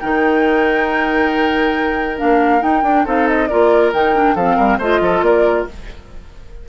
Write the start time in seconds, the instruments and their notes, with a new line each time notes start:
0.00 bassoon D#3, clarinet D#4, oboe A#4, flute G5
2.18 bassoon A#3, clarinet D4, flute F5
2.61 clarinet D#4, bassoon D#4, flute G5
2.83 bassoon D4, clarinet D4
3.05 bassoon C4, clarinet D#4, oboe A4, flute F5
3.28 flute D#5
3.48 bassoon A#3, clarinet F4, oboe A#4, flute D5
3.93 bassoon D#3, clarinet D#4, flute G5
4.15 clarinet D4
4.35 bassoon F3, clarinet C4, oboe A4, flute F5
4.56 bassoon G3, oboe A#4
4.78 bassoon A3, clarinet F4, oboe C5, flute D#5
5.01 bassoon F3, oboe A4
5.22 bassoon A#3, oboe A#4, flute D5